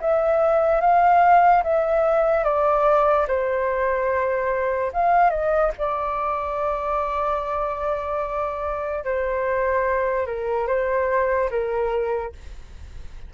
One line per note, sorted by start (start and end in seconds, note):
0.00 0.80 E5
0.80 1.63 F5
1.63 2.44 E5
2.44 3.26 D5
3.27 4.92 C5
4.92 5.29 F5
5.29 5.70 D#5
5.78 9.04 D5
9.04 10.26 C5
10.26 10.67 A#4
10.67 11.49 C5
11.50 12.32 A#4